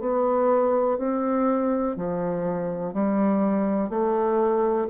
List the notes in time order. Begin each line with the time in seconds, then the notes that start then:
0.00 B3
0.98 C4
1.97 F3
2.94 G3
3.90 A3